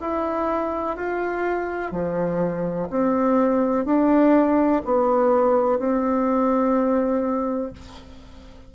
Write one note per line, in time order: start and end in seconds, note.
0.00 0.96 E4
0.96 1.91 F4
1.91 2.88 F3
2.89 3.85 C4
3.85 4.82 D4
4.84 5.78 B3
5.78 7.72 C4